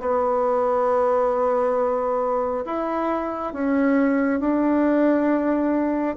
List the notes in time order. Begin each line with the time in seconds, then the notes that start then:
0.00 B3
2.66 E4
3.53 C#4
4.40 D4